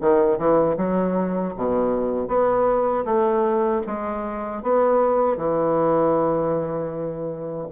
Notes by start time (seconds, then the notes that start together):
0.00 D#3
0.38 E3
0.77 F#3
1.56 B2
2.27 B3
3.05 A3
3.86 G#3
4.62 B3
5.36 E3